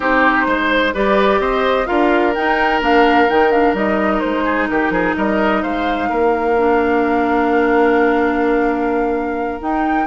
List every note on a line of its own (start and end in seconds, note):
0.00 0.46 C4
0.00 0.93 D#4
0.00 0.47 G4
0.00 0.95 C5
0.46 0.93 G#3
0.46 0.94 C5
0.94 1.39 G3
0.94 1.86 G4
0.94 1.40 B4
0.94 1.40 D5
1.39 1.86 C4
1.39 1.87 C5
1.39 1.86 D#5
1.86 2.36 D4
1.86 2.32 F4
1.86 4.44 A#4
1.86 2.33 F5
2.34 2.81 D#4
2.34 2.80 D#4
2.34 2.81 G5
2.80 3.28 A#3
2.80 3.27 D4
2.80 3.29 F5
3.29 3.73 D#3
3.29 3.51 D#4
3.29 3.51 G5
3.51 3.75 D4
3.51 3.75 F5
3.73 4.20 G3
3.73 6.56 D#4
3.73 4.19 D#5
4.19 4.69 G#3
4.19 4.66 C5
4.44 4.67 G#4
4.68 4.90 D#3
4.68 4.92 G4
4.68 5.15 A#4
4.90 5.13 F3
4.90 5.15 G#4
5.16 5.63 G3
5.16 5.62 A#4
5.16 5.62 D#5
5.62 6.10 G#3
5.62 6.09 C5
5.62 9.61 F5
6.09 9.61 A#3
6.09 10.06 A#4
6.57 9.60 D4
9.60 10.06 D#4
9.60 10.06 G5